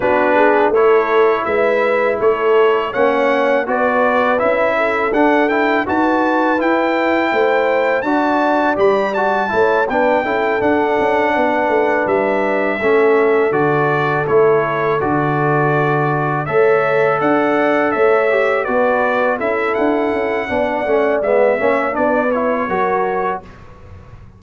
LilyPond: <<
  \new Staff \with { instrumentName = "trumpet" } { \time 4/4 \tempo 4 = 82 b'4 cis''4 e''4 cis''4 | fis''4 d''4 e''4 fis''8 g''8 | a''4 g''2 a''4 | b''8 a''4 g''4 fis''4.~ |
fis''8 e''2 d''4 cis''8~ | cis''8 d''2 e''4 fis''8~ | fis''8 e''4 d''4 e''8 fis''4~ | fis''4 e''4 d''8 cis''4. | }
  \new Staff \with { instrumentName = "horn" } { \time 4/4 fis'8 gis'8 a'4 b'4 a'4 | cis''4 b'4. a'4. | b'2 c''4 d''4~ | d''4 cis''8 b'8 a'4. b'8~ |
b'4. a'2~ a'8~ | a'2~ a'8 cis''4 d''8~ | d''8 cis''4 b'4 a'4. | d''4. cis''8 b'4 ais'4 | }
  \new Staff \with { instrumentName = "trombone" } { \time 4/4 d'4 e'2. | cis'4 fis'4 e'4 d'8 e'8 | fis'4 e'2 fis'4 | g'8 fis'8 e'8 d'8 e'8 d'4.~ |
d'4. cis'4 fis'4 e'8~ | e'8 fis'2 a'4.~ | a'4 g'8 fis'4 e'4. | d'8 cis'8 b8 cis'8 d'8 e'8 fis'4 | }
  \new Staff \with { instrumentName = "tuba" } { \time 4/4 b4 a4 gis4 a4 | ais4 b4 cis'4 d'4 | dis'4 e'4 a4 d'4 | g4 a8 b8 cis'8 d'8 cis'8 b8 |
a8 g4 a4 d4 a8~ | a8 d2 a4 d'8~ | d'8 a4 b4 cis'8 d'8 cis'8 | b8 a8 gis8 ais8 b4 fis4 | }
>>